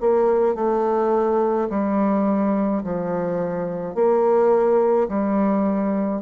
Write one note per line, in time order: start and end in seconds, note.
0.00 0.55 A#3
0.55 1.68 A3
1.69 2.83 G3
2.84 3.95 F3
3.95 5.08 A#3
5.08 6.22 G3